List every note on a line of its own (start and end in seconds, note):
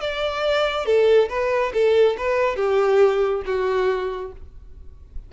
0.00 0.85 D5
0.85 1.29 A4
1.29 1.72 B4
1.73 2.16 A4
2.17 2.56 B4
2.56 3.42 G4
3.45 4.32 F#4